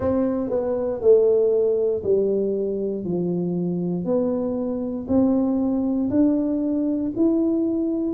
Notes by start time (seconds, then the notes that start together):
0.00 C4
0.50 B3
1.01 A3
2.03 G3
3.04 F3
4.04 B3
5.08 C4
6.10 D4
7.16 E4